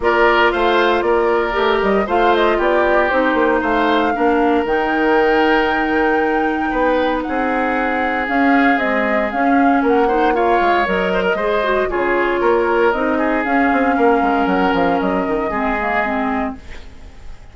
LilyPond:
<<
  \new Staff \with { instrumentName = "flute" } { \time 4/4 \tempo 4 = 116 d''4 f''4 d''4. dis''8 | f''8 dis''8 d''4 c''4 f''4~ | f''4 g''2.~ | g''2 fis''2 |
f''4 dis''4 f''4 fis''4 | f''4 dis''2 cis''4~ | cis''4 dis''4 f''2 | fis''8 f''8 dis''2. | }
  \new Staff \with { instrumentName = "oboe" } { \time 4/4 ais'4 c''4 ais'2 | c''4 g'2 c''4 | ais'1~ | ais'4 b'4 gis'2~ |
gis'2. ais'8 c''8 | cis''4. c''16 ais'16 c''4 gis'4 | ais'4. gis'4. ais'4~ | ais'2 gis'2 | }
  \new Staff \with { instrumentName = "clarinet" } { \time 4/4 f'2. g'4 | f'2 dis'2 | d'4 dis'2.~ | dis'1 |
cis'4 gis4 cis'4. dis'8 | f'4 ais'4 gis'8 fis'8 f'4~ | f'4 dis'4 cis'2~ | cis'2 c'8 ais8 c'4 | }
  \new Staff \with { instrumentName = "bassoon" } { \time 4/4 ais4 a4 ais4 a8 g8 | a4 b4 c'8 ais8 a4 | ais4 dis2.~ | dis4 b4 c'2 |
cis'4 c'4 cis'4 ais4~ | ais8 gis8 fis4 gis4 cis4 | ais4 c'4 cis'8 c'8 ais8 gis8 | fis8 f8 fis8 dis8 gis2 | }
>>